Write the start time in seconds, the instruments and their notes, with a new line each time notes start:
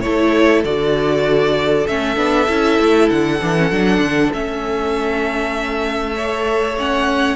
0.00 cello A3, viola E4, violin A4 C#5
0.64 cello D3, viola F#4, violin D5
1.86 cello A3, viola C#4, violin E5
2.16 cello B3, viola D4
2.48 cello C#4, viola E4
2.79 cello A3
3.09 cello D3, violin F#5
3.41 cello E3, viola D4
3.56 viola C#4
3.71 cello F#3, viola D4
3.98 cello D3
4.33 cello A3, viola C#4, violin E5
6.15 viola A4, violin C#5
6.78 viola C#4, violin F#5